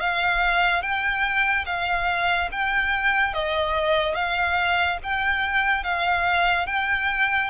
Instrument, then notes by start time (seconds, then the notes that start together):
violin
0.00 F5
0.82 G5
1.66 F5
2.52 G5
3.34 D#5
4.15 F5
5.03 G5
5.84 F5
6.67 G5